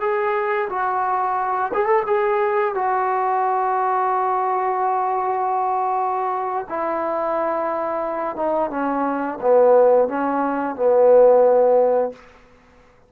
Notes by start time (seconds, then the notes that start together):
0.00 G#4
0.69 F#4
1.74 G#4
1.86 A4
2.06 G#4
2.74 F#4
6.68 E4
8.36 D#4
8.70 C#4
9.41 B3
10.08 C#4
10.76 B3